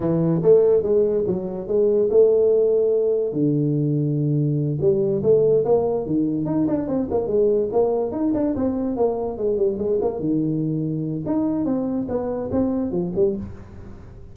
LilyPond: \new Staff \with { instrumentName = "tuba" } { \time 4/4 \tempo 4 = 144 e4 a4 gis4 fis4 | gis4 a2. | d2.~ d8 g8~ | g8 a4 ais4 dis4 dis'8 |
d'8 c'8 ais8 gis4 ais4 dis'8 | d'8 c'4 ais4 gis8 g8 gis8 | ais8 dis2~ dis8 dis'4 | c'4 b4 c'4 f8 g8 | }